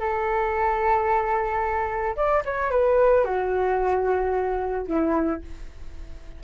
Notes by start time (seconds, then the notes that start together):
0.00 A4
2.16 D5
2.46 C#5
2.71 B4
3.25 F#4
4.88 E4